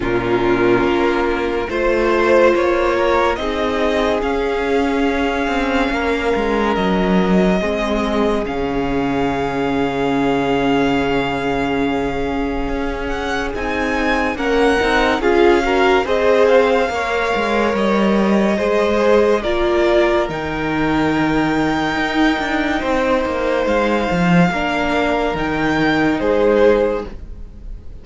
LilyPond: <<
  \new Staff \with { instrumentName = "violin" } { \time 4/4 \tempo 4 = 71 ais'2 c''4 cis''4 | dis''4 f''2. | dis''2 f''2~ | f''2.~ f''8 fis''8 |
gis''4 fis''4 f''4 dis''8 f''8~ | f''4 dis''2 d''4 | g''1 | f''2 g''4 c''4 | }
  \new Staff \with { instrumentName = "violin" } { \time 4/4 f'2 c''4. ais'8 | gis'2. ais'4~ | ais'4 gis'2.~ | gis'1~ |
gis'4 ais'4 gis'8 ais'8 c''4 | cis''2 c''4 ais'4~ | ais'2. c''4~ | c''4 ais'2 gis'4 | }
  \new Staff \with { instrumentName = "viola" } { \time 4/4 cis'2 f'2 | dis'4 cis'2.~ | cis'4 c'4 cis'2~ | cis'1 |
dis'4 cis'8 dis'8 f'8 fis'8 gis'4 | ais'2 gis'4 f'4 | dis'1~ | dis'4 d'4 dis'2 | }
  \new Staff \with { instrumentName = "cello" } { \time 4/4 ais,4 ais4 a4 ais4 | c'4 cis'4. c'8 ais8 gis8 | fis4 gis4 cis2~ | cis2. cis'4 |
c'4 ais8 c'8 cis'4 c'4 | ais8 gis8 g4 gis4 ais4 | dis2 dis'8 d'8 c'8 ais8 | gis8 f8 ais4 dis4 gis4 | }
>>